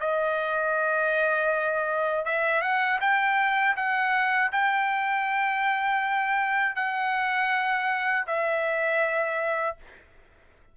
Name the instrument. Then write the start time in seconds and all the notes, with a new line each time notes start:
trumpet
0.00 D#5
2.25 E5
2.62 F#5
3.01 G5
3.76 F#5
4.52 G5
6.76 F#5
8.27 E5